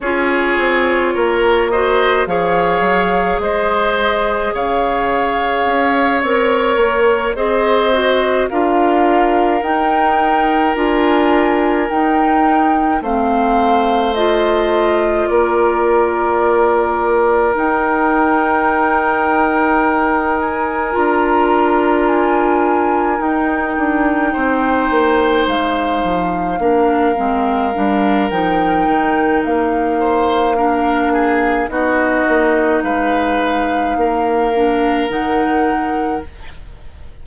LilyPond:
<<
  \new Staff \with { instrumentName = "flute" } { \time 4/4 \tempo 4 = 53 cis''4. dis''8 f''4 dis''4 | f''4. cis''4 dis''4 f''8~ | f''8 g''4 gis''4 g''4 f''8~ | f''8 dis''4 d''2 g''8~ |
g''2 gis''8 ais''4 gis''8~ | gis''8 g''2 f''4.~ | f''4 g''4 f''2 | dis''4 f''2 fis''4 | }
  \new Staff \with { instrumentName = "oboe" } { \time 4/4 gis'4 ais'8 c''8 cis''4 c''4 | cis''2~ cis''8 c''4 ais'8~ | ais'2.~ ais'8 c''8~ | c''4. ais'2~ ais'8~ |
ais'1~ | ais'4. c''2 ais'8~ | ais'2~ ais'8 c''8 ais'8 gis'8 | fis'4 b'4 ais'2 | }
  \new Staff \with { instrumentName = "clarinet" } { \time 4/4 f'4. fis'8 gis'2~ | gis'4. ais'4 gis'8 fis'8 f'8~ | f'8 dis'4 f'4 dis'4 c'8~ | c'8 f'2. dis'8~ |
dis'2~ dis'8 f'4.~ | f'8 dis'2. d'8 | c'8 d'8 dis'2 d'4 | dis'2~ dis'8 d'8 dis'4 | }
  \new Staff \with { instrumentName = "bassoon" } { \time 4/4 cis'8 c'8 ais4 f8 fis8 gis4 | cis4 cis'8 c'8 ais8 c'4 d'8~ | d'8 dis'4 d'4 dis'4 a8~ | a4. ais2 dis'8~ |
dis'2~ dis'8 d'4.~ | d'8 dis'8 d'8 c'8 ais8 gis8 f8 ais8 | gis8 g8 f8 dis8 ais2 | b8 ais8 gis4 ais4 dis4 | }
>>